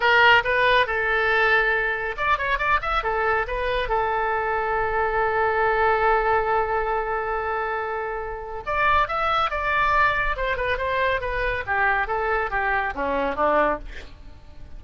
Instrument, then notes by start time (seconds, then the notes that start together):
oboe
0.00 A#4
0.44 B4
0.86 A4
2.17 D5
2.38 C#5
2.58 D5
2.81 E5
3.03 A4
3.47 B4
3.88 A4
8.66 D5
9.08 E5
9.50 D5
10.36 C5
10.56 B4
10.77 C5
11.20 B4
11.66 G4
12.07 A4
12.50 G4
12.94 C#4
13.35 D4